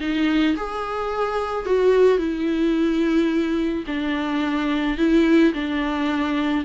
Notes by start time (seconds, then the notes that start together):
0.00 D#4
0.56 G#4
1.65 F#4
2.18 E4
3.86 D4
4.97 E4
5.53 D4